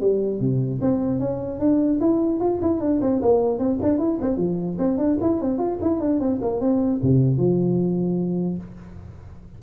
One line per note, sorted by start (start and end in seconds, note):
0.00 0.40 G3
0.40 0.80 C3
0.81 1.19 C4
1.19 1.59 C#4
1.59 1.99 D4
2.00 2.40 E4
2.40 2.60 F4
2.61 2.80 E4
2.80 3.00 D4
3.01 3.21 C4
3.21 3.58 A#3
3.58 3.78 C4
3.82 3.98 D4
3.98 4.18 E4
4.21 4.37 C4
4.37 4.77 F3
4.78 4.97 C4
4.97 5.17 D4
5.21 5.41 E4
5.41 5.58 C4
5.58 5.78 F4
5.81 6.00 E4
6.00 6.20 D4
6.20 6.40 C4
6.41 6.60 A#3
6.60 7.00 C4
7.02 7.37 C3
7.37 8.57 F3